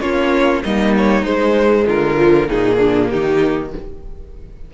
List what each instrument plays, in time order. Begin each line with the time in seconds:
0.00 cello A#3, viola C#4, violin F4 C#5
0.63 cello G3, viola A#3, violin D#4 D#5
0.97 violin C#5
1.23 cello G#3, viola G#3, violin C5
1.86 cello D3, violin F4 A#4
2.16 viola F3
2.47 cello A#2, viola A#3, violin D#4 G#4
2.77 violin D4
3.09 cello D#3, violin D#4 G4